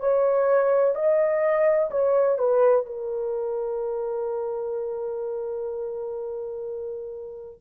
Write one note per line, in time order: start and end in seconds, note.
0.00 0.95 C#5
0.95 1.90 D#5
1.91 2.39 C#5
2.39 2.86 B4
2.86 7.61 A#4